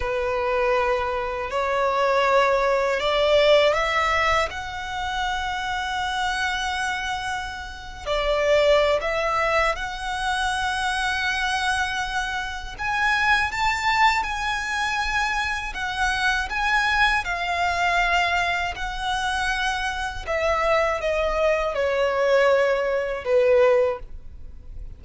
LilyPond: \new Staff \with { instrumentName = "violin" } { \time 4/4 \tempo 4 = 80 b'2 cis''2 | d''4 e''4 fis''2~ | fis''2~ fis''8. d''4~ d''16 | e''4 fis''2.~ |
fis''4 gis''4 a''4 gis''4~ | gis''4 fis''4 gis''4 f''4~ | f''4 fis''2 e''4 | dis''4 cis''2 b'4 | }